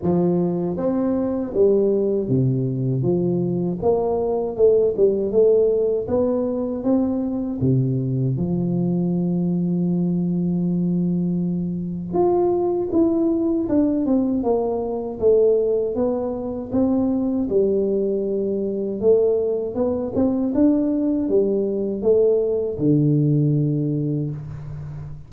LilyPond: \new Staff \with { instrumentName = "tuba" } { \time 4/4 \tempo 4 = 79 f4 c'4 g4 c4 | f4 ais4 a8 g8 a4 | b4 c'4 c4 f4~ | f1 |
f'4 e'4 d'8 c'8 ais4 | a4 b4 c'4 g4~ | g4 a4 b8 c'8 d'4 | g4 a4 d2 | }